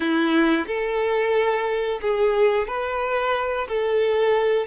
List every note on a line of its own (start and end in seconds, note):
0.00 0.66 E4
0.66 2.00 A4
2.01 2.67 G#4
2.67 3.67 B4
3.68 4.66 A4